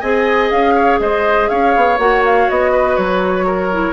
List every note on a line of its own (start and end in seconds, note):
0.00 0.51 C4
0.00 1.98 G#4
0.00 0.74 D#5
0.00 0.49 G#5
0.50 1.00 C#4
0.50 0.99 F5
0.75 1.00 C#5
1.00 1.49 G#3
1.00 1.50 C5
1.00 1.49 D#5
1.49 1.75 C#4
1.49 2.72 C#5
1.49 1.98 F5
1.76 1.98 B3
1.98 2.48 A#3
1.98 3.70 F#4
1.98 2.23 F#5
2.25 2.49 F5
2.49 2.98 B3
2.49 2.97 D#5
2.72 3.45 B4
2.97 3.92 F#3
2.97 3.92 C#5
3.46 3.92 A#4
3.72 3.92 E4